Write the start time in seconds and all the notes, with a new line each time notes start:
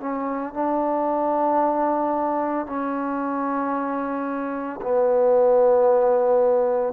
0.00 C#4
0.54 D4
2.66 C#4
4.82 B3